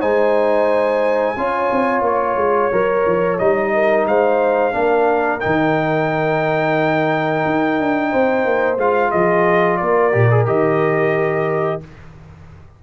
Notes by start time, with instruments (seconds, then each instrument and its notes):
0.00 tuba G#3, trombone D#4, horn C5, trumpet G#5
1.36 tuba C#4, trombone F4, horn C#5
1.71 tuba C4
2.01 tuba A#3, trumpet C#5
2.36 tuba G#3
2.72 tuba F#3, trombone A#4
3.06 tuba F3
3.38 tuba G3, trombone D#4, trumpet D#5
3.73 horn A#4
4.05 tuba G#3, horn C5, trumpet F5
4.72 tuba A#3, trombone D4, horn A#4
5.40 tuba D#3, trombone D#4, trumpet G5
7.45 tuba D#4
7.79 tuba D4
8.11 tuba C4, horn C5
8.45 tuba A#3
8.77 tuba G#3, trombone F4, trumpet F5
9.11 tuba F3, horn G#4, trumpet D#5
9.76 tuba A#3, horn A#4, trumpet D5
10.12 tuba A#2, trombone G4
10.30 trombone G#4
10.45 tuba D#3, trombone G4, trumpet D#5